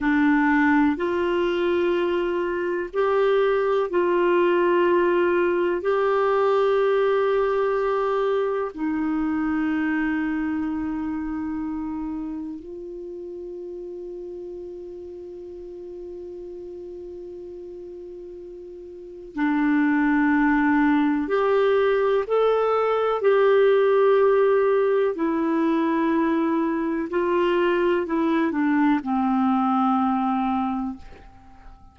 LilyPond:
\new Staff \with { instrumentName = "clarinet" } { \time 4/4 \tempo 4 = 62 d'4 f'2 g'4 | f'2 g'2~ | g'4 dis'2.~ | dis'4 f'2.~ |
f'1 | d'2 g'4 a'4 | g'2 e'2 | f'4 e'8 d'8 c'2 | }